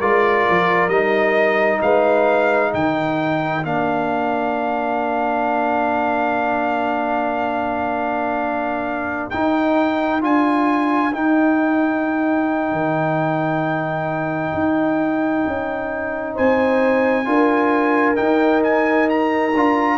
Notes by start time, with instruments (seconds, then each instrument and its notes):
0.00 tuba G#3, trombone F4, horn A#4, trumpet D5
0.50 tuba F3
0.88 tuba G3, trombone D#4, trumpet D#5
1.82 tuba G#3, horn B4, trumpet F5
2.73 tuba D#3, horn A#4, trumpet G5
3.63 tuba A#3, trombone D4, trumpet F5
9.30 trombone D#4, tuba D#4, trumpet G5
10.21 tuba D4, trombone F4, trumpet G#5
11.13 trombone D#4, tuba D#4, trumpet G5
12.72 tuba D#3
14.54 tuba D#4
15.47 tuba C#4
16.34 tuba C4, horn C5, trumpet G#5
17.25 tuba D4, trombone F4, horn A#4
18.16 trombone D#4, tuba D#4, trumpet G5
18.64 trumpet G#5
19.10 trumpet A#5
19.55 tuba D4, trombone F4